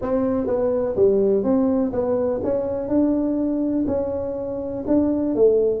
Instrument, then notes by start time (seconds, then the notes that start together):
tuba
0.01 C4
0.46 B3
0.95 G3
1.43 C4
1.92 B3
2.43 C#4
2.88 D4
3.87 C#4
4.87 D4
5.35 A3